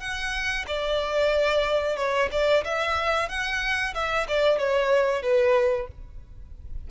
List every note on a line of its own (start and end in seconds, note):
0.00 0.65 F#5
0.67 1.96 D5
1.96 2.29 C#5
2.32 2.64 D5
2.64 3.29 E5
3.29 3.94 F#5
3.94 4.27 E5
4.28 4.58 D5
4.58 5.22 C#5
5.22 5.88 B4